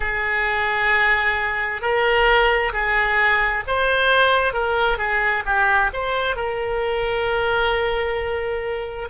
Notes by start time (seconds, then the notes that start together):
0.00 G#4
1.81 A#4
2.72 G#4
3.67 C5
4.52 A#4
4.98 G#4
5.45 G4
5.93 C5
6.36 A#4